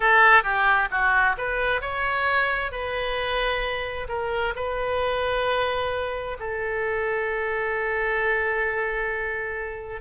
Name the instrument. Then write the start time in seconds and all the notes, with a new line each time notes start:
oboe
0.00 A4
0.43 G4
0.90 F#4
1.37 B4
1.81 C#5
2.71 B4
4.08 A#4
4.55 B4
6.39 A4